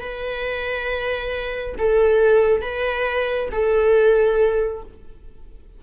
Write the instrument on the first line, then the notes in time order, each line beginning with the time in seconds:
viola
0.00 B4
1.78 A4
2.61 B4
3.51 A4